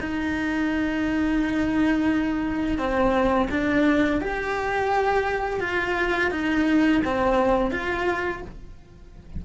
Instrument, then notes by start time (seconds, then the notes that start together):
cello
0.00 D#4
2.78 C4
3.50 D4
4.20 G4
5.60 F4
6.31 D#4
7.04 C4
7.71 F4